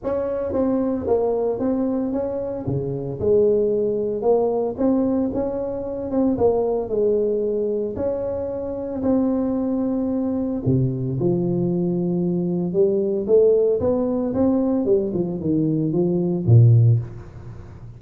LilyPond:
\new Staff \with { instrumentName = "tuba" } { \time 4/4 \tempo 4 = 113 cis'4 c'4 ais4 c'4 | cis'4 cis4 gis2 | ais4 c'4 cis'4. c'8 | ais4 gis2 cis'4~ |
cis'4 c'2. | c4 f2. | g4 a4 b4 c'4 | g8 f8 dis4 f4 ais,4 | }